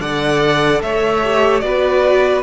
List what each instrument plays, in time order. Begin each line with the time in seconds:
0.00 cello D3, viola A4, violin D5 F#5
0.82 cello A3, violin C#5 E5
1.24 viola G4
1.60 cello B3, viola F#4, violin B4 D5